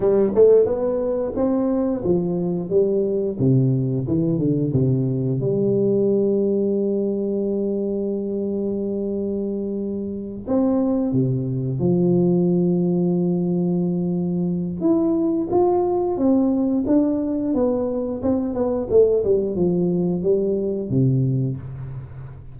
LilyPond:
\new Staff \with { instrumentName = "tuba" } { \time 4/4 \tempo 4 = 89 g8 a8 b4 c'4 f4 | g4 c4 e8 d8 c4 | g1~ | g2.~ g8 c'8~ |
c'8 c4 f2~ f8~ | f2 e'4 f'4 | c'4 d'4 b4 c'8 b8 | a8 g8 f4 g4 c4 | }